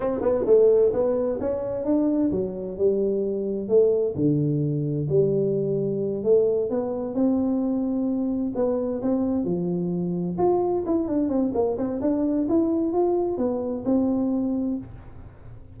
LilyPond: \new Staff \with { instrumentName = "tuba" } { \time 4/4 \tempo 4 = 130 c'8 b8 a4 b4 cis'4 | d'4 fis4 g2 | a4 d2 g4~ | g4. a4 b4 c'8~ |
c'2~ c'8 b4 c'8~ | c'8 f2 f'4 e'8 | d'8 c'8 ais8 c'8 d'4 e'4 | f'4 b4 c'2 | }